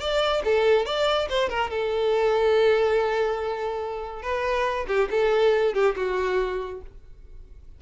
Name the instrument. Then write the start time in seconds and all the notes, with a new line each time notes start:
violin
0.00 D5
0.44 A4
0.86 D5
1.29 C5
1.49 A#4
1.70 A4
4.22 B4
4.88 G4
5.10 A4
5.74 G4
5.96 F#4